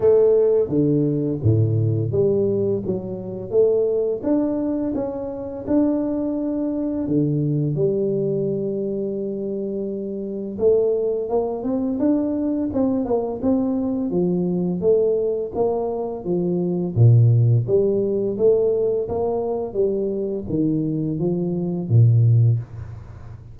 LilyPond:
\new Staff \with { instrumentName = "tuba" } { \time 4/4 \tempo 4 = 85 a4 d4 a,4 g4 | fis4 a4 d'4 cis'4 | d'2 d4 g4~ | g2. a4 |
ais8 c'8 d'4 c'8 ais8 c'4 | f4 a4 ais4 f4 | ais,4 g4 a4 ais4 | g4 dis4 f4 ais,4 | }